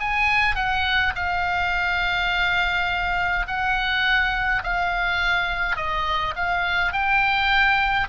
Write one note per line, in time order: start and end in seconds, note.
0.00 0.56 G#5
0.56 1.13 F#5
1.16 3.47 F5
3.48 4.63 F#5
4.64 5.77 F5
5.77 6.35 D#5
6.36 6.93 F5
6.93 8.08 G5